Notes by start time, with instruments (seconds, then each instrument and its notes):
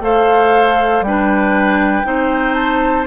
0.00 bassoon A3, clarinet A4, oboe C5, flute F5
1.01 bassoon G3, clarinet D4, oboe B4, flute G5
2.04 bassoon C4, clarinet D#4, oboe C5
2.54 flute A5